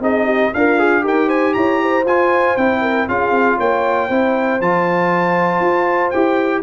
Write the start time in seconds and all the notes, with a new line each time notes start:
0.00 C4 D#4 G#4 D#5
0.25 G4
0.53 D4 F4 A#4 F5
0.78 G#4
1.02 D#4 G4 A#4 G5
1.27 C5 G#5
1.53 E4 C#5 A#5
1.82 C5
2.05 F4 G#5
2.56 C4 E4 G5
2.81 A#4
3.08 C#4 F4 G#4 F5
3.30 C4
3.57 A#3 C#5 G5
4.07 C4 E4 C5
4.60 F3 F4 A5
5.60 F4
6.10 E4 G4 G5